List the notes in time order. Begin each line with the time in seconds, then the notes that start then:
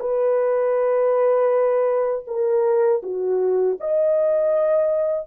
0.00 B4
2.27 A#4
3.03 F#4
3.80 D#5